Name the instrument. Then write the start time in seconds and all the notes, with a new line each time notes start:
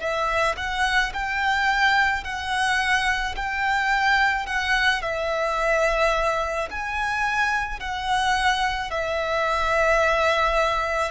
violin
0.00 E5
0.57 F#5
1.14 G5
2.24 F#5
3.36 G5
4.46 F#5
5.02 E5
6.71 G#5
7.80 F#5
8.90 E5